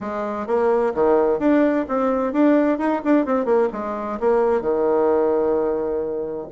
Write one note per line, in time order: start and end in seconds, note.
0.01 0.47 G#3
0.47 0.93 A#3
0.94 1.39 D#3
1.39 1.85 D4
1.88 2.32 C4
2.32 2.78 D4
2.78 3.01 D#4
3.04 3.25 D4
3.25 3.45 C4
3.45 3.68 A#3
3.72 4.19 G#3
4.20 4.61 A#3
4.61 6.47 D#3